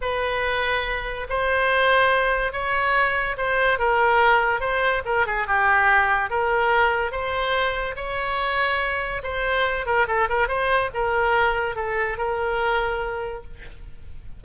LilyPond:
\new Staff \with { instrumentName = "oboe" } { \time 4/4 \tempo 4 = 143 b'2. c''4~ | c''2 cis''2 | c''4 ais'2 c''4 | ais'8 gis'8 g'2 ais'4~ |
ais'4 c''2 cis''4~ | cis''2 c''4. ais'8 | a'8 ais'8 c''4 ais'2 | a'4 ais'2. | }